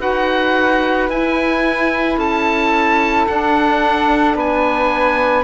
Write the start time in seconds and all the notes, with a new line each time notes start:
0.00 D#4 F#4 B4 F#5
1.10 E4 G#5
2.18 C#4 A4 A5
3.27 D4 F#5
4.35 B3 B4 G#5